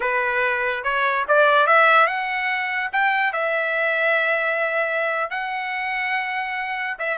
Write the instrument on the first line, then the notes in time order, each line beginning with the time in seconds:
trumpet
0.00 B4
0.83 C#5
1.27 D5
1.66 E5
2.06 F#5
2.92 G5
3.33 E5
5.30 F#5
6.98 E5